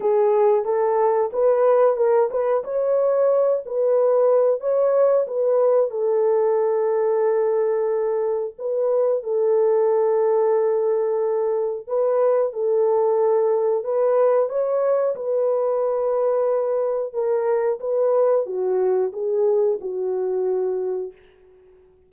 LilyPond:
\new Staff \with { instrumentName = "horn" } { \time 4/4 \tempo 4 = 91 gis'4 a'4 b'4 ais'8 b'8 | cis''4. b'4. cis''4 | b'4 a'2.~ | a'4 b'4 a'2~ |
a'2 b'4 a'4~ | a'4 b'4 cis''4 b'4~ | b'2 ais'4 b'4 | fis'4 gis'4 fis'2 | }